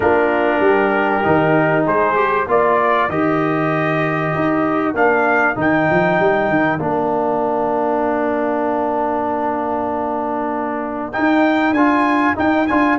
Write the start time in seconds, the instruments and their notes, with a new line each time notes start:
0.00 tuba A#3, trombone D4, horn F4, trumpet A#4
0.59 tuba G3, horn G4
1.23 tuba D#3, trombone D#4
1.85 tuba G#3, horn G#4, trumpet C5
2.15 trombone G4
2.47 tuba A#3, trombone F4, horn A#4, trumpet D5
3.08 tuba D#3, trombone G4, trumpet D#5
4.35 tuba D#4
4.93 tuba A#3, trombone D4, trumpet F5
5.55 tuba D#3, trombone D#4, trumpet G5
5.90 tuba F3
6.19 tuba G3
6.49 tuba D#3
6.79 tuba A#3, trombone D4, trumpet F5
11.12 trombone D#4, trumpet G5
11.18 tuba D#4
11.71 tuba D4, trombone F4, trumpet G#5
12.35 trombone D#4, tuba D#4, trumpet G5
12.67 tuba D4, trombone F4, trumpet G#5